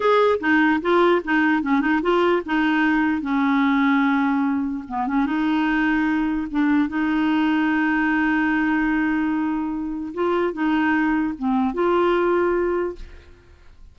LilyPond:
\new Staff \with { instrumentName = "clarinet" } { \time 4/4 \tempo 4 = 148 gis'4 dis'4 f'4 dis'4 | cis'8 dis'8 f'4 dis'2 | cis'1 | b8 cis'8 dis'2. |
d'4 dis'2.~ | dis'1~ | dis'4 f'4 dis'2 | c'4 f'2. | }